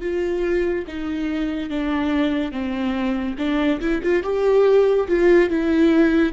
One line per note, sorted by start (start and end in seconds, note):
0.00 0.85 F4
0.87 1.69 D#4
1.69 2.52 D4
2.52 3.36 C4
3.38 3.80 D4
3.80 4.01 E4
4.03 4.23 F4
4.23 5.07 G4
5.07 5.50 F4
5.50 6.32 E4